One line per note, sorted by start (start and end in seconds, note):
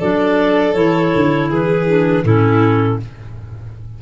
0.00 0.75 F#3
0.00 0.74 D4
0.00 1.50 A4
0.00 0.74 D5
0.74 1.12 E3
0.74 1.86 E4
0.74 1.49 C#5
1.15 1.50 D3
1.50 2.24 E3
1.50 2.25 G#4
1.50 2.25 B4
1.87 2.24 D4
2.24 2.99 A2
2.24 3.00 C#4
2.24 3.02 E4
2.24 3.00 A4